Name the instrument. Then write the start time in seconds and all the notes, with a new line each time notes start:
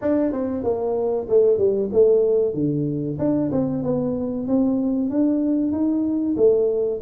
tuba
0.01 D4
0.32 C4
0.63 A#3
1.29 A3
1.58 G3
1.92 A3
2.54 D3
3.18 D4
3.51 C4
3.83 B3
4.47 C4
5.10 D4
5.72 D#4
6.37 A3